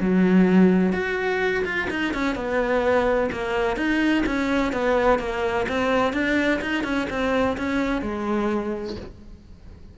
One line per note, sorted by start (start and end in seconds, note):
0.00 0.93 F#3
0.93 1.63 F#4
1.64 1.88 F4
1.90 2.13 D#4
2.13 2.35 C#4
2.35 3.30 B3
3.32 3.76 A#3
3.76 4.24 D#4
4.26 4.72 C#4
4.72 5.19 B3
5.19 5.66 A#3
5.68 6.13 C4
6.13 6.60 D4
6.61 6.83 D#4
6.83 7.07 C#4
7.10 7.57 C4
7.57 8.02 C#4
8.02 8.96 G#3